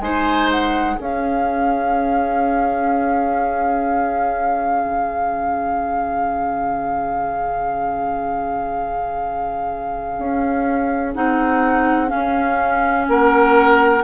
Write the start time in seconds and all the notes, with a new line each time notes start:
0.00 G#3 D#4 C5 G#5
0.51 F#5
0.96 C#4 G#4 F5
4.84 C#3
10.19 C#4
11.14 C4 D#4 F#5
12.07 C#4 F5
12.14 C#4
13.08 A#3 A#4 F#5